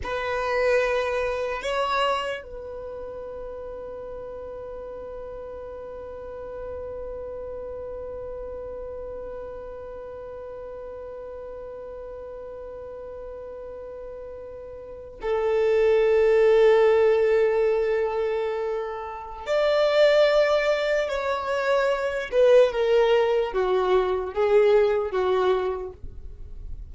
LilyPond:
\new Staff \with { instrumentName = "violin" } { \time 4/4 \tempo 4 = 74 b'2 cis''4 b'4~ | b'1~ | b'1~ | b'1~ |
b'2~ b'8. a'4~ a'16~ | a'1 | d''2 cis''4. b'8 | ais'4 fis'4 gis'4 fis'4 | }